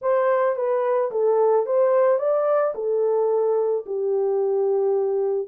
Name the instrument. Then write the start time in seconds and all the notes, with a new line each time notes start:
horn
0.01 C5
0.56 B4
1.11 A4
1.66 C5
2.18 D5
2.74 A4
3.86 G4